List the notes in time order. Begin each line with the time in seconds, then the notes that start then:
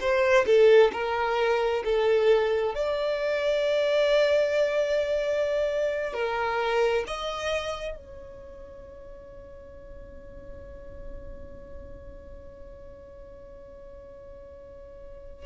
0.00 C5
0.46 A4
0.93 A#4
1.84 A4
2.75 D5
6.13 A#4
7.07 D#5
7.96 C#5